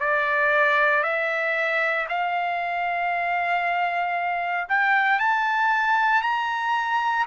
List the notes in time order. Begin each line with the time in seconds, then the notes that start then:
0.00 D5
1.03 E5
2.09 F5
4.69 G5
5.19 A5
6.22 A#5